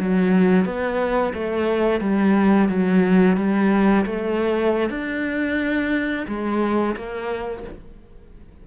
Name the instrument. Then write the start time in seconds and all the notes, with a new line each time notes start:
cello
0.00 F#3
0.66 B3
1.34 A3
2.01 G3
2.69 F#3
3.37 G3
4.06 A3
4.90 D4
6.28 G#3
6.96 A#3